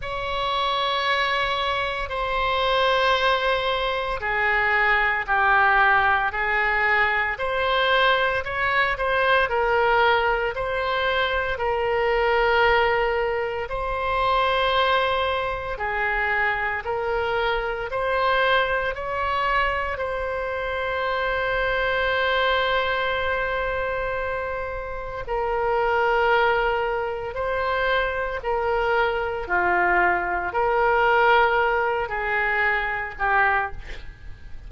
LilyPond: \new Staff \with { instrumentName = "oboe" } { \time 4/4 \tempo 4 = 57 cis''2 c''2 | gis'4 g'4 gis'4 c''4 | cis''8 c''8 ais'4 c''4 ais'4~ | ais'4 c''2 gis'4 |
ais'4 c''4 cis''4 c''4~ | c''1 | ais'2 c''4 ais'4 | f'4 ais'4. gis'4 g'8 | }